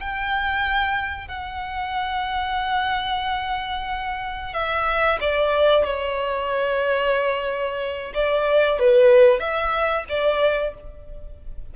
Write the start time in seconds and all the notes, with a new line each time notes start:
0.00 G5
1.28 F#5
4.54 E5
5.21 D5
5.84 C#5
8.14 D5
8.80 B4
9.40 E5
10.09 D5